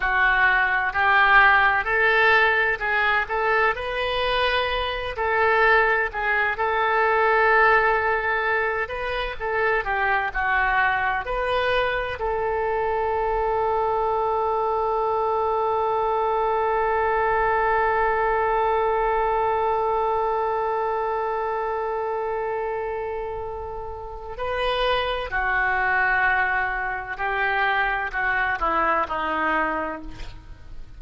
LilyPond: \new Staff \with { instrumentName = "oboe" } { \time 4/4 \tempo 4 = 64 fis'4 g'4 a'4 gis'8 a'8 | b'4. a'4 gis'8 a'4~ | a'4. b'8 a'8 g'8 fis'4 | b'4 a'2.~ |
a'1~ | a'1~ | a'2 b'4 fis'4~ | fis'4 g'4 fis'8 e'8 dis'4 | }